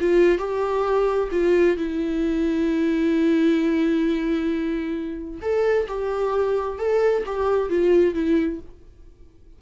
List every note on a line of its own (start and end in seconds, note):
0.00 0.38 F4
0.38 1.29 G4
1.31 1.76 F4
1.76 5.40 E4
5.41 5.87 A4
5.88 6.78 G4
6.78 7.23 A4
7.25 7.69 G4
7.69 8.14 F4
8.14 8.59 E4